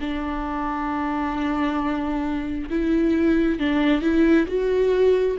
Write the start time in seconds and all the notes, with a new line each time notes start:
0.00 D4
2.69 E4
3.59 D4
4.01 E4
4.47 F#4